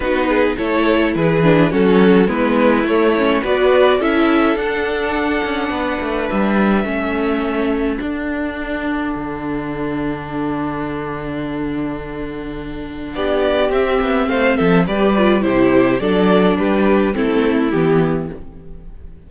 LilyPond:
<<
  \new Staff \with { instrumentName = "violin" } { \time 4/4 \tempo 4 = 105 b'4 cis''4 b'4 a'4 | b'4 cis''4 d''4 e''4 | fis''2. e''4~ | e''2 fis''2~ |
fis''1~ | fis''2. d''4 | e''4 f''8 e''8 d''4 c''4 | d''4 b'4 a'4 g'4 | }
  \new Staff \with { instrumentName = "violin" } { \time 4/4 fis'8 gis'8 a'4 gis'4 fis'4 | e'2 b'4 a'4~ | a'2 b'2 | a'1~ |
a'1~ | a'2. g'4~ | g'4 c''8 a'8 b'4 g'4 | a'4 g'4 e'2 | }
  \new Staff \with { instrumentName = "viola" } { \time 4/4 dis'4 e'4. d'8 cis'4 | b4 a8 cis'8 fis'4 e'4 | d'1 | cis'2 d'2~ |
d'1~ | d'1 | c'2 g'8 f'8 e'4 | d'2 c'4 b4 | }
  \new Staff \with { instrumentName = "cello" } { \time 4/4 b4 a4 e4 fis4 | gis4 a4 b4 cis'4 | d'4. cis'8 b8 a8 g4 | a2 d'2 |
d1~ | d2. b4 | c'8 b8 a8 f8 g4 c4 | fis4 g4 a4 e4 | }
>>